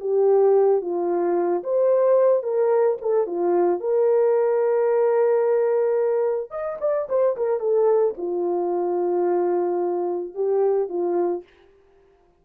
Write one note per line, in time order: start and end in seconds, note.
0.00 0.81 G4
0.81 1.63 F4
1.63 2.43 C5
2.43 2.98 A#4
3.01 3.27 A4
3.27 3.80 F4
3.80 6.51 A#4
6.51 6.78 D#5
6.80 7.08 D5
7.09 7.36 C5
7.37 7.60 A#4
7.60 8.14 A4
8.17 10.34 F4
10.34 10.89 G4
10.89 11.43 F4